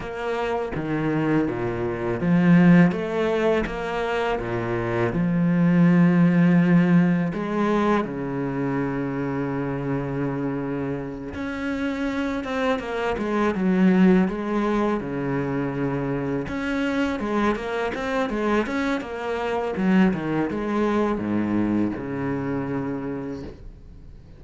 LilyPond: \new Staff \with { instrumentName = "cello" } { \time 4/4 \tempo 4 = 82 ais4 dis4 ais,4 f4 | a4 ais4 ais,4 f4~ | f2 gis4 cis4~ | cis2.~ cis8 cis'8~ |
cis'4 c'8 ais8 gis8 fis4 gis8~ | gis8 cis2 cis'4 gis8 | ais8 c'8 gis8 cis'8 ais4 fis8 dis8 | gis4 gis,4 cis2 | }